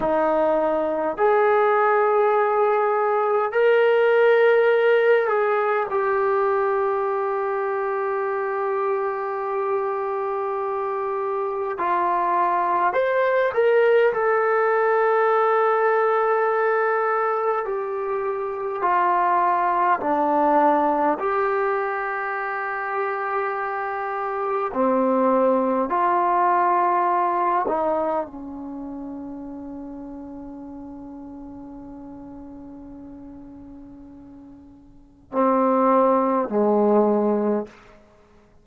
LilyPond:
\new Staff \with { instrumentName = "trombone" } { \time 4/4 \tempo 4 = 51 dis'4 gis'2 ais'4~ | ais'8 gis'8 g'2.~ | g'2 f'4 c''8 ais'8 | a'2. g'4 |
f'4 d'4 g'2~ | g'4 c'4 f'4. dis'8 | cis'1~ | cis'2 c'4 gis4 | }